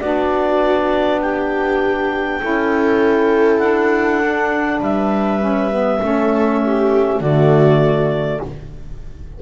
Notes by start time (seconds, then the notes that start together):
0.00 B3 D4 F#4 D5
1.21 G4 G5
2.40 C#4 E4 A4
3.59 D4 F#5
4.25 D4
4.80 G3 B4 E5
5.40 C#4
5.71 B3
6.02 A3 C#4 A4
6.65 G4
7.19 D3 A3 F#4 D5